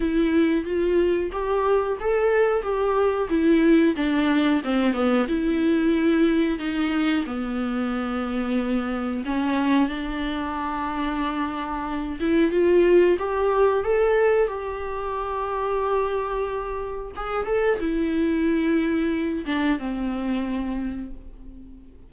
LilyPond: \new Staff \with { instrumentName = "viola" } { \time 4/4 \tempo 4 = 91 e'4 f'4 g'4 a'4 | g'4 e'4 d'4 c'8 b8 | e'2 dis'4 b4~ | b2 cis'4 d'4~ |
d'2~ d'8 e'8 f'4 | g'4 a'4 g'2~ | g'2 gis'8 a'8 e'4~ | e'4. d'8 c'2 | }